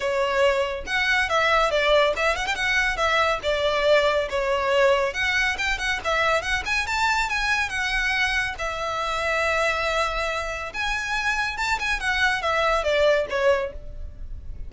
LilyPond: \new Staff \with { instrumentName = "violin" } { \time 4/4 \tempo 4 = 140 cis''2 fis''4 e''4 | d''4 e''8 fis''16 g''16 fis''4 e''4 | d''2 cis''2 | fis''4 g''8 fis''8 e''4 fis''8 gis''8 |
a''4 gis''4 fis''2 | e''1~ | e''4 gis''2 a''8 gis''8 | fis''4 e''4 d''4 cis''4 | }